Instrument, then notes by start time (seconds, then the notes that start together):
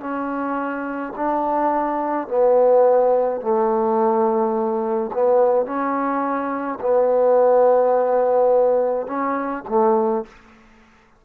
trombone
0.00 C#4
1.16 D4
2.27 B3
3.41 A3
5.13 B3
5.66 C#4
6.80 B3
9.07 C#4
9.68 A3